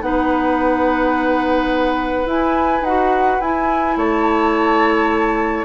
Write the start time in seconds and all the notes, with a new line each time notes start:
0.00 B3 D#4 B4 F#5
2.25 E4 G#5
2.81 D#4 F#4 F#5
3.41 E4 G#5
3.96 A3 C#5 A5